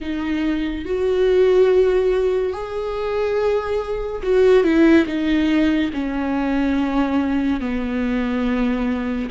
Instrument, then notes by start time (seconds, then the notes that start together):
viola
0.00 D#4
0.85 F#4
2.52 G#4
4.23 F#4
4.63 E4
5.06 D#4
5.93 C#4
7.60 B3